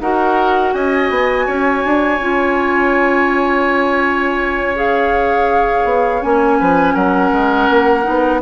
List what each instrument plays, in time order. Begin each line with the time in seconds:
0.00 bassoon D#4, clarinet F#4, oboe A#4, flute F#5
0.73 bassoon C#4, oboe D#5, flute G#5
1.10 bassoon B3
1.46 bassoon C#4, oboe C#5
1.85 bassoon D4
2.20 bassoon C#4, clarinet F4
4.76 clarinet G#4, flute F5
5.84 bassoon B3
6.22 bassoon A#3, clarinet C#4, flute G#5
6.59 bassoon F3, oboe B4
6.94 bassoon F#3, oboe A#4, flute F#5
7.32 bassoon G#3
7.69 bassoon A#3
8.04 bassoon B3, clarinet D#4